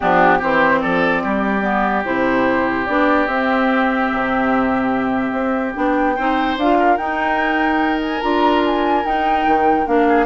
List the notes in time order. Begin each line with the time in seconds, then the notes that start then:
0.00 F3 B3 D4 G4
0.38 E3 C4 G4 C5
0.80 F3 A4 D5
1.23 G3 G4
1.62 B3
2.04 C3 E4 C5
2.86 B3 D4 D5
3.27 C4 E5
4.12 C3
5.31 C4
5.74 B3 D4 G5
6.16 C4 D#4 C5
6.56 D4 F4 F5
6.79 A#4
6.96 D#4 G5
8.02 G#5
8.21 D4 F4 A#5
8.65 G#5
9.04 D#4 G5
9.46 D#3
9.86 A#3 D4 F5
10.08 G#4